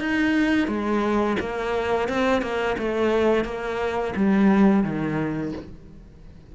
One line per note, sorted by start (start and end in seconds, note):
0.00 0.68 D#4
0.68 1.37 G#3
1.40 2.08 A#3
2.08 2.42 C4
2.42 2.76 A#3
2.78 3.45 A3
3.45 4.14 A#3
4.16 4.83 G3
4.83 5.52 D#3